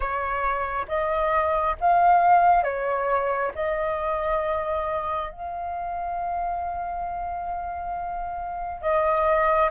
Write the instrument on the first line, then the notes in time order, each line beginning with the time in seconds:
flute
0.00 C#5
0.87 D#5
1.80 F5
2.63 C#5
3.54 D#5
5.31 F5
8.81 D#5